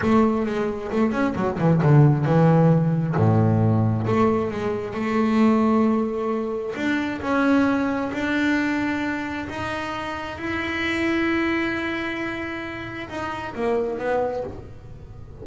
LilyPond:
\new Staff \with { instrumentName = "double bass" } { \time 4/4 \tempo 4 = 133 a4 gis4 a8 cis'8 fis8 e8 | d4 e2 a,4~ | a,4 a4 gis4 a4~ | a2. d'4 |
cis'2 d'2~ | d'4 dis'2 e'4~ | e'1~ | e'4 dis'4 ais4 b4 | }